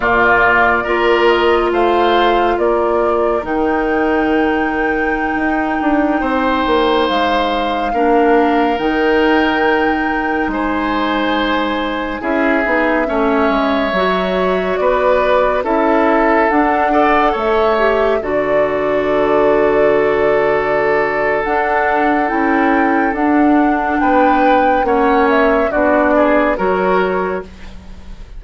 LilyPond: <<
  \new Staff \with { instrumentName = "flute" } { \time 4/4 \tempo 4 = 70 d''4. dis''8 f''4 d''4 | g''1~ | g''16 f''2 g''4.~ g''16~ | g''16 gis''2 e''4.~ e''16~ |
e''4~ e''16 d''4 e''4 fis''8.~ | fis''16 e''4 d''2~ d''8.~ | d''4 fis''4 g''4 fis''4 | g''4 fis''8 e''8 d''4 cis''4 | }
  \new Staff \with { instrumentName = "oboe" } { \time 4/4 f'4 ais'4 c''4 ais'4~ | ais'2.~ ais'16 c''8.~ | c''4~ c''16 ais'2~ ais'8.~ | ais'16 c''2 gis'4 cis''8.~ |
cis''4~ cis''16 b'4 a'4. d''16~ | d''16 cis''4 a'2~ a'8.~ | a'1 | b'4 cis''4 fis'8 gis'8 ais'4 | }
  \new Staff \with { instrumentName = "clarinet" } { \time 4/4 ais4 f'2. | dis'1~ | dis'4~ dis'16 d'4 dis'4.~ dis'16~ | dis'2~ dis'16 e'8 dis'8 cis'8.~ |
cis'16 fis'2 e'4 d'8 a'16~ | a'8. g'8 fis'2~ fis'8.~ | fis'4 d'4 e'4 d'4~ | d'4 cis'4 d'4 fis'4 | }
  \new Staff \with { instrumentName = "bassoon" } { \time 4/4 ais,4 ais4 a4 ais4 | dis2~ dis16 dis'8 d'8 c'8 ais16~ | ais16 gis4 ais4 dis4.~ dis16~ | dis16 gis2 cis'8 b8 a8 gis16~ |
gis16 fis4 b4 cis'4 d'8.~ | d'16 a4 d2~ d8.~ | d4 d'4 cis'4 d'4 | b4 ais4 b4 fis4 | }
>>